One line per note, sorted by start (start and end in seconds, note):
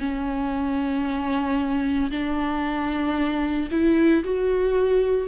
0.00 2.11 C#4
2.11 3.69 D4
3.71 4.24 E4
4.24 5.28 F#4